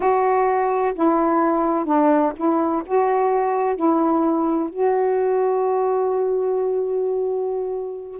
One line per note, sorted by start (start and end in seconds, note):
0.00 0.93 F#4
0.95 1.85 E4
1.85 2.32 D4
2.36 2.83 E4
2.86 3.76 F#4
3.76 4.69 E4
4.69 8.19 F#4